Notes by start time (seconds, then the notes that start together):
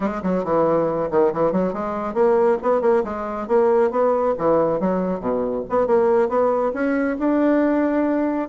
0.00 G#3
0.22 F#3
0.43 E3
1.10 D#3
1.33 E3
1.52 F#3
1.73 G#3
2.14 A#3
2.62 B3
2.81 A#3
3.04 G#3
3.47 A#3
3.90 B3
4.38 E3
4.79 F#3
5.20 B2
5.69 B3
5.87 A#3
6.28 B3
6.73 C#4
7.19 D4